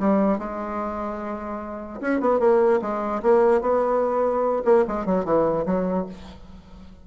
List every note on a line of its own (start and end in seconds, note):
0.00 0.39 G3
0.39 2.01 G#3
2.01 2.21 C#4
2.21 2.40 B3
2.40 2.80 A#3
2.82 3.22 G#3
3.23 3.62 A#3
3.62 4.63 B3
4.65 4.85 A#3
4.88 5.06 G#3
5.06 5.25 F#3
5.25 5.66 E3
5.66 6.06 F#3